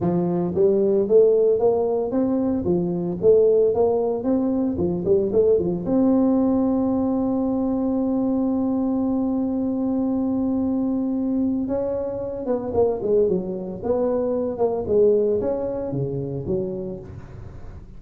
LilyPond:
\new Staff \with { instrumentName = "tuba" } { \time 4/4 \tempo 4 = 113 f4 g4 a4 ais4 | c'4 f4 a4 ais4 | c'4 f8 g8 a8 f8 c'4~ | c'1~ |
c'1~ | c'2 cis'4. b8 | ais8 gis8 fis4 b4. ais8 | gis4 cis'4 cis4 fis4 | }